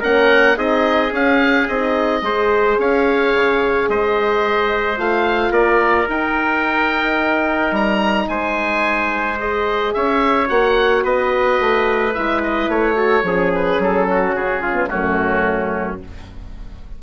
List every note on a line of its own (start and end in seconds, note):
0.00 0.57 A#3
0.00 0.56 C#4
0.00 0.55 A#4
0.00 0.58 F#5
0.56 1.12 C4
0.56 1.11 D#4
0.56 2.22 G#4
0.56 1.13 D#5
1.12 1.67 C#4
1.12 1.69 C#4
1.12 1.68 F5
1.68 2.22 C4
1.68 2.23 D#4
1.68 2.78 D#5
2.22 2.77 G#3
2.22 4.97 G#4
2.22 2.79 C5
2.78 3.33 C#4
2.78 3.90 C#5
2.78 3.90 F5
3.34 3.89 C#3
3.89 4.98 G#3
3.89 5.51 C5
3.89 4.99 D#5
4.97 5.51 A3
4.97 6.07 F4
4.97 5.53 F5
5.51 6.06 A#3
5.51 8.26 A#4
5.51 6.08 D5
6.09 7.72 D#4
6.09 9.39 D#4
6.09 7.75 G5
7.72 8.27 G3
7.72 8.28 A#5
8.28 9.94 G#3
8.28 9.95 C5
8.28 9.39 G#5
9.39 10.47 G#4
9.39 9.93 D#5
9.93 10.50 C#4
9.93 11.04 C#5
9.93 10.49 E5
10.47 11.04 A#3
10.47 12.12 F#4
10.47 11.04 F#5
11.04 11.59 B3
11.04 12.96 B4
11.04 12.14 D#5
11.60 12.15 A3
12.14 12.68 G#3
12.14 12.95 E4
12.14 12.42 E5
12.43 12.70 D#5
12.68 13.23 A3
12.68 13.53 C#5
12.95 13.23 F#4
12.95 13.24 A4
13.23 13.78 F3
13.23 14.73 C#4
13.23 14.09 G#4
13.54 13.82 B4
13.79 14.33 F#3
13.79 14.35 A4
14.10 14.62 F#4
14.33 14.89 C#3
14.33 14.89 G#4
14.62 14.90 F4
14.73 14.87 B3
14.88 16.02 F#2
14.88 15.98 A3
14.88 16.00 C#4
14.88 15.99 F#4